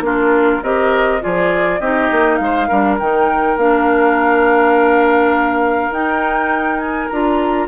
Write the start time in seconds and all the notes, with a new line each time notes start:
0.00 A#3 D4 F4 A#4
0.63 C4 G4 A#4 D#5
1.21 F3 F4 G#4 D5
1.80 C4 D#4 G4 D#5
2.11 A#3
2.36 G#3 F5
2.43 C5
2.68 G3 D4 A#4
2.99 D#3 D#4 G5
3.56 A#3 D4 F5
5.90 D#4 G5
6.79 G#5
7.09 D4 F4 A#5